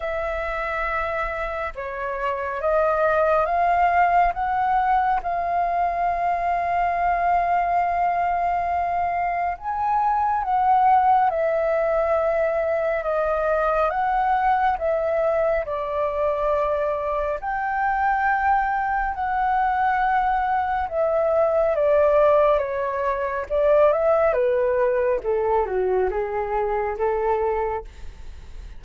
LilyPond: \new Staff \with { instrumentName = "flute" } { \time 4/4 \tempo 4 = 69 e''2 cis''4 dis''4 | f''4 fis''4 f''2~ | f''2. gis''4 | fis''4 e''2 dis''4 |
fis''4 e''4 d''2 | g''2 fis''2 | e''4 d''4 cis''4 d''8 e''8 | b'4 a'8 fis'8 gis'4 a'4 | }